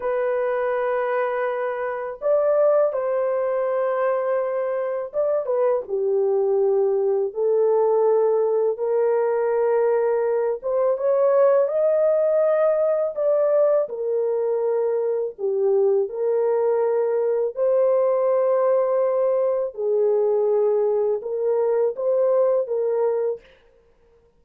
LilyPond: \new Staff \with { instrumentName = "horn" } { \time 4/4 \tempo 4 = 82 b'2. d''4 | c''2. d''8 b'8 | g'2 a'2 | ais'2~ ais'8 c''8 cis''4 |
dis''2 d''4 ais'4~ | ais'4 g'4 ais'2 | c''2. gis'4~ | gis'4 ais'4 c''4 ais'4 | }